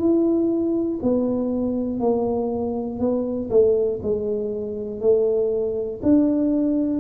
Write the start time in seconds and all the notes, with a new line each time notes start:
0.00 E4
1.03 B3
2.00 A#3
3.00 B3
3.50 A3
4.03 G#3
5.01 A3
6.03 D4